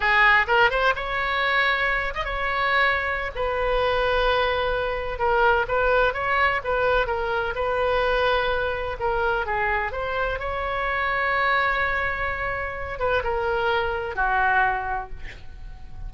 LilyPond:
\new Staff \with { instrumentName = "oboe" } { \time 4/4 \tempo 4 = 127 gis'4 ais'8 c''8 cis''2~ | cis''8 dis''16 cis''2~ cis''16 b'4~ | b'2. ais'4 | b'4 cis''4 b'4 ais'4 |
b'2. ais'4 | gis'4 c''4 cis''2~ | cis''2.~ cis''8 b'8 | ais'2 fis'2 | }